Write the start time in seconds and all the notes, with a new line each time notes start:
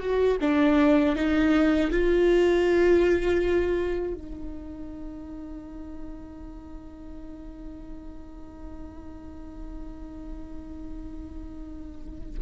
0.00 F#4
0.41 D4
1.16 D#4
1.91 F4
4.14 D#4